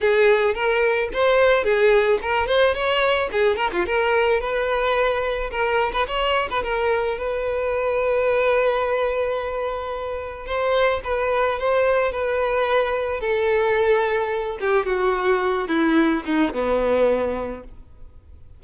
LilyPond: \new Staff \with { instrumentName = "violin" } { \time 4/4 \tempo 4 = 109 gis'4 ais'4 c''4 gis'4 | ais'8 c''8 cis''4 gis'8 ais'16 f'16 ais'4 | b'2 ais'8. b'16 cis''8. b'16 | ais'4 b'2.~ |
b'2. c''4 | b'4 c''4 b'2 | a'2~ a'8 g'8 fis'4~ | fis'8 e'4 dis'8 b2 | }